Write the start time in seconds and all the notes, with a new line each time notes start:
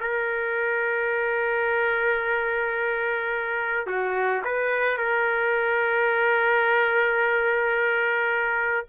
0.00 A#4
3.87 F#4
4.44 B4
4.97 A#4